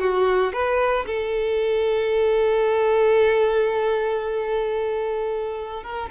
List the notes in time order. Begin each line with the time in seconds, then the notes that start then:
0.00 F#4
0.53 B4
1.07 A4
5.83 A#4